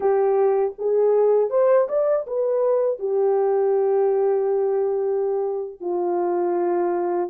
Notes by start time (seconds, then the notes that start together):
0.00 G4
0.78 G#4
1.50 C5
1.88 D5
2.27 B4
2.99 G4
5.80 F4